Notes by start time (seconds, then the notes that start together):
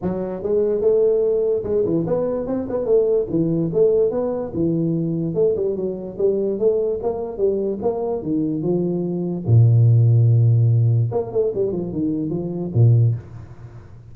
0.02 F#3
0.42 G#3
0.81 A3
1.63 G#3
1.85 E3
2.07 B3
2.47 C4
2.69 B3
2.85 A3
3.30 E3
3.73 A3
4.10 B3
4.54 E3
5.34 A3
5.56 G3
5.76 F#3
6.18 G3
6.58 A3
7.02 A#3
7.37 G3
7.81 A#3
8.22 D#3
8.62 F3
9.46 A#2
11.11 A#3
11.31 A3
11.54 G3
11.72 F3
11.92 D#3
12.30 F3
12.74 A#2